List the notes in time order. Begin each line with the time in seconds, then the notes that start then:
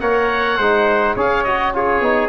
0.00 A#3 A#4 C#5 F#5
0.57 G#3 D#4 C5
1.16 C#4 G#4 C#5 F5
1.43 F#4 D#5
1.74 F4 G#4 C#5
2.01 B3 D#4